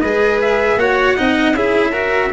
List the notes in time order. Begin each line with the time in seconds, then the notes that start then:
0.00 G#3 G#4 B4 D#5
0.41 E5
0.76 A#3 F#4 C#5 F#5
1.16 C4 D#4 D#5
1.53 C#4 E4 G#4 E5
1.91 F#4 A#4